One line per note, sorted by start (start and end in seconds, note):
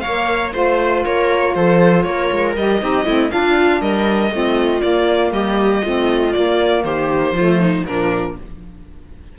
0.00 0.53 A#3
0.00 0.53 C#5
0.00 0.50 F5
0.07 0.55 A#3
0.53 1.05 A3
0.53 2.55 F4
0.53 1.03 C5
0.53 1.05 C5
1.05 1.55 A#3
1.05 1.55 A#4
1.05 1.55 C#5
1.55 2.05 F3
1.55 2.07 A4
1.55 2.03 C5
2.03 2.31 A#3
2.03 2.83 A#4
2.03 2.53 C#5
2.32 2.57 G#3
2.57 2.82 G3
2.57 2.81 G4
2.57 3.31 D#5
2.81 3.06 C4
2.81 3.06 D#4
2.81 3.05 G4
3.05 3.31 A3
3.05 3.30 C4
3.05 3.31 E4
3.30 4.31 D4
3.30 3.81 D4
3.30 3.82 F4
3.30 3.82 F5
3.81 4.31 G3
3.81 4.32 A#4
3.81 4.81 D#5
4.31 4.81 A3
4.31 4.82 C4
4.31 5.34 F4
4.81 5.83 A#3
4.81 5.32 A#3
4.81 5.32 D5
5.32 5.82 G3
5.32 5.83 G4
5.32 6.33 D#5
5.83 6.35 A3
5.83 6.34 C4
5.83 6.84 F4
6.33 7.35 A#3
6.33 6.84 A#3
6.33 6.84 D5
6.84 7.33 D#3
6.84 7.36 G4
6.84 7.85 C5
7.33 7.83 F3
7.33 7.85 A3
7.33 7.60 F4
7.60 7.86 D#4
7.85 8.38 A#2
7.85 8.36 F3
7.85 8.39 D4
7.85 8.36 A#4